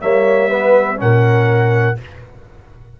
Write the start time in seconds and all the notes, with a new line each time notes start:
0.00 G3 A#3 C#5 E5
0.49 B3 B4
0.96 A#2 C#4 A#4 F#5